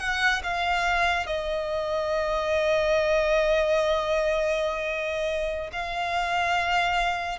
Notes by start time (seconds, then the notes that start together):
0.00 F#5
0.43 F5
1.27 D#5
5.73 F5